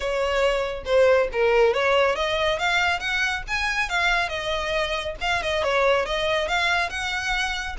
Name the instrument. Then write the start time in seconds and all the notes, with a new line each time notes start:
violin
0.00 C#5
0.85 C5
1.32 A#4
1.73 C#5
2.15 D#5
2.58 F5
2.99 F#5
3.47 G#5
3.89 F5
4.29 D#5
5.20 F5
5.42 D#5
5.63 C#5
6.05 D#5
6.47 F5
6.89 F#5